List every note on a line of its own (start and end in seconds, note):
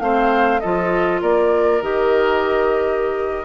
0.00 0.60 A3
0.00 0.60 C4
0.00 0.61 C5
0.00 0.60 F5
0.60 1.22 F3
0.60 1.82 F4
0.60 1.21 A4
0.60 1.20 D#5
1.21 1.81 A#3
1.21 3.45 A#4
1.21 1.82 D5
1.81 3.45 D#3
1.81 3.45 G4
1.81 3.45 D#5